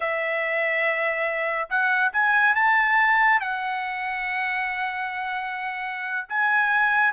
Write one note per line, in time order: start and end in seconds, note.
0.00 1.68 E5
1.69 2.12 F#5
2.13 2.55 G#5
2.55 3.40 A5
3.40 6.27 F#5
6.28 7.13 G#5